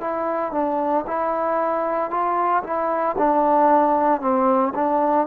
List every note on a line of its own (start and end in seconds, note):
0.00 0.52 E4
0.52 1.04 D4
1.06 2.10 E4
2.10 2.63 F4
2.63 3.16 E4
3.17 4.20 D4
4.20 4.73 C4
4.74 5.26 D4